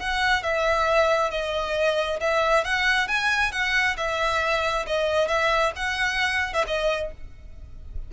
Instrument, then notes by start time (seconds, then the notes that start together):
violin
0.00 F#5
0.43 E5
1.31 D#5
2.21 E5
2.65 F#5
3.08 G#5
3.52 F#5
3.97 E5
4.87 D#5
5.28 E5
5.76 F#5
6.54 E5
6.68 D#5